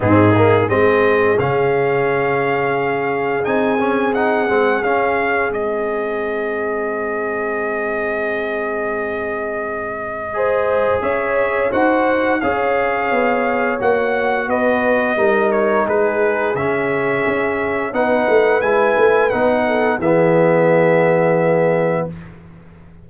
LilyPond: <<
  \new Staff \with { instrumentName = "trumpet" } { \time 4/4 \tempo 4 = 87 gis'4 dis''4 f''2~ | f''4 gis''4 fis''4 f''4 | dis''1~ | dis''1 |
e''4 fis''4 f''2 | fis''4 dis''4. cis''8 b'4 | e''2 fis''4 gis''4 | fis''4 e''2. | }
  \new Staff \with { instrumentName = "horn" } { \time 4/4 dis'4 gis'2.~ | gis'1~ | gis'1~ | gis'2. c''4 |
cis''4 c''4 cis''2~ | cis''4 b'4 ais'4 gis'4~ | gis'2 b'2~ | b'8 a'8 gis'2. | }
  \new Staff \with { instrumentName = "trombone" } { \time 4/4 c'8 ais8 c'4 cis'2~ | cis'4 dis'8 cis'8 dis'8 c'8 cis'4 | c'1~ | c'2. gis'4~ |
gis'4 fis'4 gis'2 | fis'2 dis'2 | cis'2 dis'4 e'4 | dis'4 b2. | }
  \new Staff \with { instrumentName = "tuba" } { \time 4/4 gis,4 gis4 cis2~ | cis4 c'4. gis8 cis'4 | gis1~ | gis1 |
cis'4 dis'4 cis'4 b4 | ais4 b4 g4 gis4 | cis4 cis'4 b8 a8 gis8 a8 | b4 e2. | }
>>